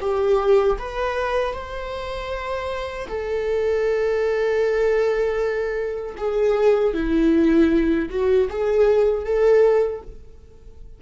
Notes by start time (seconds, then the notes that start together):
0.00 G4
0.78 B4
1.53 C5
3.08 A4
6.17 G#4
6.93 E4
8.09 F#4
8.50 G#4
9.24 A4